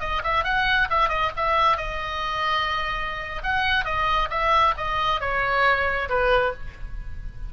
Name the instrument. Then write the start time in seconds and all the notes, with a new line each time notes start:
oboe
0.00 D#5
0.24 E5
0.44 F#5
0.90 E5
1.09 D#5
1.36 E5
1.77 D#5
3.43 F#5
3.85 D#5
4.30 E5
4.77 D#5
5.20 C#5
6.09 B4